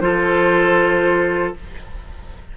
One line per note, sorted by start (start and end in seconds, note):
0.00 1.54 F3
0.00 1.56 F4
0.00 1.57 A4
0.00 1.54 C5